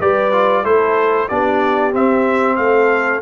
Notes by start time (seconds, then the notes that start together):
0.00 G3 G4 B4 D5
0.33 F4
0.63 A3 E4 A4 C5
1.28 B3 D4 G4 D5
1.92 C4 E5
2.56 A3 A4 F5